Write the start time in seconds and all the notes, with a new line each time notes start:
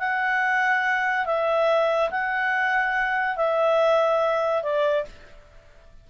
0.00 F#5
1.26 E5
2.11 F#5
3.37 E5
4.63 D5